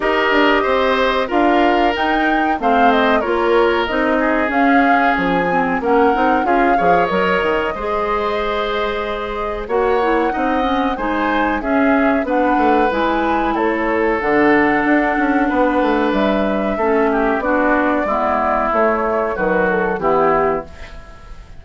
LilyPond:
<<
  \new Staff \with { instrumentName = "flute" } { \time 4/4 \tempo 4 = 93 dis''2 f''4 g''4 | f''8 dis''8 cis''4 dis''4 f''4 | gis''4 fis''4 f''4 dis''4~ | dis''2. fis''4~ |
fis''4 gis''4 e''4 fis''4 | gis''4 cis''4 fis''2~ | fis''4 e''2 d''4~ | d''4 cis''4 b'8 a'8 g'4 | }
  \new Staff \with { instrumentName = "oboe" } { \time 4/4 ais'4 c''4 ais'2 | c''4 ais'4. gis'4.~ | gis'4 ais'4 gis'8 cis''4. | c''2. cis''4 |
dis''4 c''4 gis'4 b'4~ | b'4 a'2. | b'2 a'8 g'8 fis'4 | e'2 fis'4 e'4 | }
  \new Staff \with { instrumentName = "clarinet" } { \time 4/4 g'2 f'4 dis'4 | c'4 f'4 dis'4 cis'4~ | cis'8 c'8 cis'8 dis'8 f'8 gis'8 ais'4 | gis'2. fis'8 e'8 |
dis'8 cis'8 dis'4 cis'4 d'4 | e'2 d'2~ | d'2 cis'4 d'4 | b4 a4 fis4 b4 | }
  \new Staff \with { instrumentName = "bassoon" } { \time 4/4 dis'8 d'8 c'4 d'4 dis'4 | a4 ais4 c'4 cis'4 | f4 ais8 c'8 cis'8 f8 fis8 dis8 | gis2. ais4 |
c'4 gis4 cis'4 b8 a8 | gis4 a4 d4 d'8 cis'8 | b8 a8 g4 a4 b4 | gis4 a4 dis4 e4 | }
>>